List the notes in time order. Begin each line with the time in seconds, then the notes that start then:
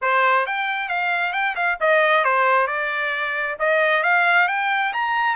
0.01 C5
0.46 G5
0.89 F5
1.32 G5
1.55 F5
1.80 D#5
2.24 C5
2.67 D5
3.59 D#5
4.03 F5
4.48 G5
4.93 A#5